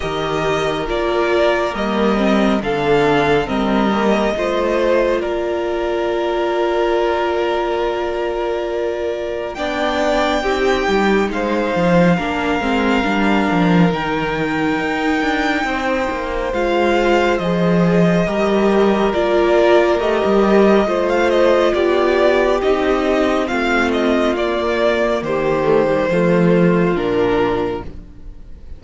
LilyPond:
<<
  \new Staff \with { instrumentName = "violin" } { \time 4/4 \tempo 4 = 69 dis''4 d''4 dis''4 f''4 | dis''2 d''2~ | d''2. g''4~ | g''4 f''2. |
g''2. f''4 | dis''2 d''4 dis''4~ | dis''16 f''16 dis''8 d''4 dis''4 f''8 dis''8 | d''4 c''2 ais'4 | }
  \new Staff \with { instrumentName = "violin" } { \time 4/4 ais'2. a'4 | ais'4 c''4 ais'2~ | ais'2. d''4 | g'4 c''4 ais'2~ |
ais'2 c''2~ | c''4 ais'2. | c''4 g'2 f'4~ | f'4 g'4 f'2 | }
  \new Staff \with { instrumentName = "viola" } { \time 4/4 g'4 f'4 ais8 c'8 d'4 | c'8 ais8 f'2.~ | f'2. d'4 | dis'2 d'8 c'8 d'4 |
dis'2. f'4 | gis'4 g'4 f'4 g'4 | f'2 dis'4 c'4 | ais4. a16 g16 a4 d'4 | }
  \new Staff \with { instrumentName = "cello" } { \time 4/4 dis4 ais4 g4 d4 | g4 a4 ais2~ | ais2. b4 | c'8 g8 gis8 f8 ais8 gis8 g8 f8 |
dis4 dis'8 d'8 c'8 ais8 gis4 | f4 g4 ais4 a16 g8. | a4 b4 c'4 a4 | ais4 dis4 f4 ais,4 | }
>>